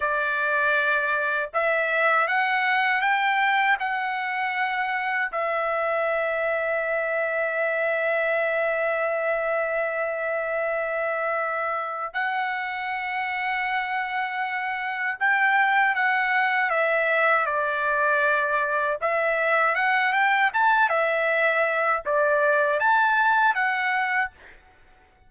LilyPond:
\new Staff \with { instrumentName = "trumpet" } { \time 4/4 \tempo 4 = 79 d''2 e''4 fis''4 | g''4 fis''2 e''4~ | e''1~ | e''1 |
fis''1 | g''4 fis''4 e''4 d''4~ | d''4 e''4 fis''8 g''8 a''8 e''8~ | e''4 d''4 a''4 fis''4 | }